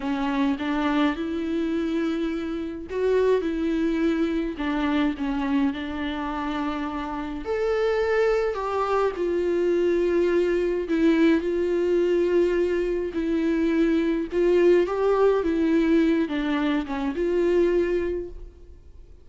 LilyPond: \new Staff \with { instrumentName = "viola" } { \time 4/4 \tempo 4 = 105 cis'4 d'4 e'2~ | e'4 fis'4 e'2 | d'4 cis'4 d'2~ | d'4 a'2 g'4 |
f'2. e'4 | f'2. e'4~ | e'4 f'4 g'4 e'4~ | e'8 d'4 cis'8 f'2 | }